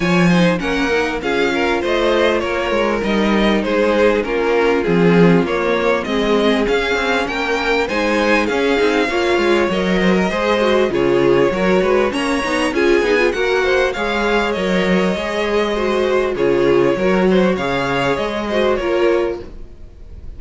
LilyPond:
<<
  \new Staff \with { instrumentName = "violin" } { \time 4/4 \tempo 4 = 99 gis''4 fis''4 f''4 dis''4 | cis''4 dis''4 c''4 ais'4 | gis'4 cis''4 dis''4 f''4 | g''4 gis''4 f''2 |
dis''2 cis''2 | ais''4 gis''4 fis''4 f''4 | dis''2. cis''4~ | cis''4 f''4 dis''4 cis''4 | }
  \new Staff \with { instrumentName = "violin" } { \time 4/4 cis''8 c''8 ais'4 gis'8 ais'8 c''4 | ais'2 gis'4 f'4~ | f'2 gis'2 | ais'4 c''4 gis'4 cis''4~ |
cis''8 c''16 ais'16 c''4 gis'4 ais'8 b'8 | cis''4 gis'4 ais'8 c''8 cis''4~ | cis''2 c''4 gis'4 | ais'8 c''8 cis''4. c''8 ais'4 | }
  \new Staff \with { instrumentName = "viola" } { \time 4/4 f'8 dis'8 cis'8 dis'8 f'2~ | f'4 dis'2 cis'4 | c'4 ais4 c'4 cis'4~ | cis'4 dis'4 cis'8 dis'8 f'4 |
ais'4 gis'8 fis'8 f'4 fis'4 | cis'8 dis'8 f'8 dis'16 f'16 fis'4 gis'4 | ais'4 gis'4 fis'4 f'4 | fis'4 gis'4. fis'8 f'4 | }
  \new Staff \with { instrumentName = "cello" } { \time 4/4 f4 ais4 cis'4 a4 | ais8 gis8 g4 gis4 ais4 | f4 ais4 gis4 cis'8 c'8 | ais4 gis4 cis'8 c'8 ais8 gis8 |
fis4 gis4 cis4 fis8 gis8 | ais8 b8 cis'8 b8 ais4 gis4 | fis4 gis2 cis4 | fis4 cis4 gis4 ais4 | }
>>